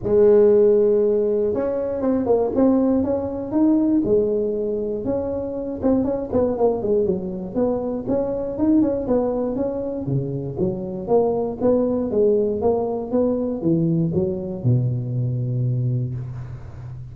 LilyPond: \new Staff \with { instrumentName = "tuba" } { \time 4/4 \tempo 4 = 119 gis2. cis'4 | c'8 ais8 c'4 cis'4 dis'4 | gis2 cis'4. c'8 | cis'8 b8 ais8 gis8 fis4 b4 |
cis'4 dis'8 cis'8 b4 cis'4 | cis4 fis4 ais4 b4 | gis4 ais4 b4 e4 | fis4 b,2. | }